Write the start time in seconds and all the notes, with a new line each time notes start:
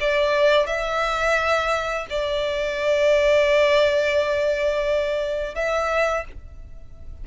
0.00 D5
0.66 E5
2.10 D5
5.55 E5